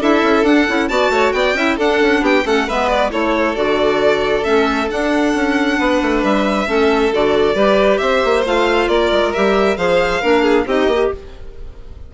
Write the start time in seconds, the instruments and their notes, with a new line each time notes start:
0.00 bassoon D4, clarinet E4, violin A4 E5
0.22 bassoon C#4
0.43 bassoon D4, clarinet D4, violin F#5
0.68 bassoon C#4, clarinet E4
0.88 bassoon B3, clarinet F#4, violin D5 A5
1.10 bassoon A3, violin C#5
1.32 bassoon B3, violin D5 G5
1.54 bassoon C#4, clarinet E4, violin E5
1.77 bassoon D4, clarinet D4, violin A4 F#5
2.02 bassoon C#4
2.22 bassoon B3, violin G4 G5
2.44 bassoon A3, clarinet C#4, violin A4 F#5
2.67 bassoon G#3, clarinet B3, violin B4 E5
2.88 violin D5
3.11 bassoon A3, clarinet E4, violin A4 C#5
3.55 bassoon D3, clarinet F#4, violin D5
4.43 bassoon A3, clarinet C#4, violin E5
4.89 clarinet D4, bassoon D4, violin F#5
5.34 bassoon C#4
5.79 bassoon B3, violin B4
6.02 bassoon A3
6.23 bassoon G3, violin E5
6.67 bassoon A3, clarinet C#4, violin A4
7.13 bassoon D3, clarinet F#4, violin D5
7.55 bassoon G3, clarinet G4, violin B4
7.98 bassoon C4, violin C5 E5
8.25 bassoon A#3
8.46 bassoon A3, clarinet F4, violin F5
8.88 bassoon A#3, violin A#4 D5
9.12 bassoon G#3
9.33 bassoon G3, clarinet G4, violin E5
9.77 bassoon F3, clarinet G#4, violin C5 F5
10.22 bassoon A#3, clarinet D4, violin A#4
10.43 violin G#4
10.66 bassoon C4, clarinet D#4, violin G4 D#5
10.87 bassoon A#3, clarinet G4